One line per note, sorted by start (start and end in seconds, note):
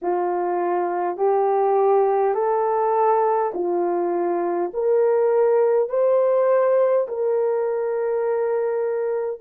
0.02 1.17 F4
1.17 2.34 G4
2.34 3.52 A4
3.53 4.71 F4
4.73 5.89 A#4
5.89 7.06 C5
7.07 9.40 A#4